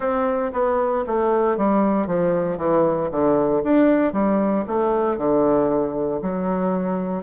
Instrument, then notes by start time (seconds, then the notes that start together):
bassoon
0.00 C4
0.53 B3
1.06 A3
1.57 G3
2.06 F3
2.57 E3
3.11 D3
3.63 D4
4.12 G3
4.67 A3
5.17 D3
6.22 F#3